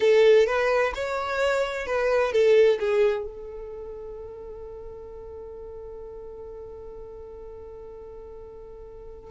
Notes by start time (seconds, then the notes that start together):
0.00 A4
0.47 B4
0.95 C#5
1.86 B4
2.32 A4
2.79 G#4
3.26 A4